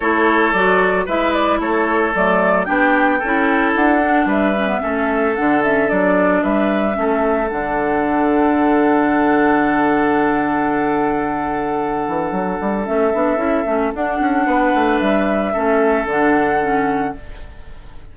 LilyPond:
<<
  \new Staff \with { instrumentName = "flute" } { \time 4/4 \tempo 4 = 112 cis''4 d''4 e''8 d''8 cis''4 | d''4 g''2 fis''4 | e''2 fis''8 e''8 d''4 | e''2 fis''2~ |
fis''1~ | fis''1 | e''2 fis''2 | e''2 fis''2 | }
  \new Staff \with { instrumentName = "oboe" } { \time 4/4 a'2 b'4 a'4~ | a'4 g'4 a'2 | b'4 a'2. | b'4 a'2.~ |
a'1~ | a'1~ | a'2. b'4~ | b'4 a'2. | }
  \new Staff \with { instrumentName = "clarinet" } { \time 4/4 e'4 fis'4 e'2 | a4 d'4 e'4. d'8~ | d'8 cis'16 b16 cis'4 d'8 cis'8 d'4~ | d'4 cis'4 d'2~ |
d'1~ | d'1 | cis'8 d'8 e'8 cis'8 d'2~ | d'4 cis'4 d'4 cis'4 | }
  \new Staff \with { instrumentName = "bassoon" } { \time 4/4 a4 fis4 gis4 a4 | fis4 b4 cis'4 d'4 | g4 a4 d4 fis4 | g4 a4 d2~ |
d1~ | d2~ d8 e8 fis8 g8 | a8 b8 cis'8 a8 d'8 cis'8 b8 a8 | g4 a4 d2 | }
>>